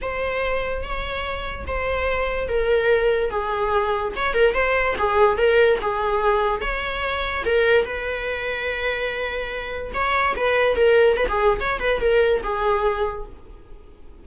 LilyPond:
\new Staff \with { instrumentName = "viola" } { \time 4/4 \tempo 4 = 145 c''2 cis''2 | c''2 ais'2 | gis'2 cis''8 ais'8 c''4 | gis'4 ais'4 gis'2 |
cis''2 ais'4 b'4~ | b'1 | cis''4 b'4 ais'4 b'16 gis'8. | cis''8 b'8 ais'4 gis'2 | }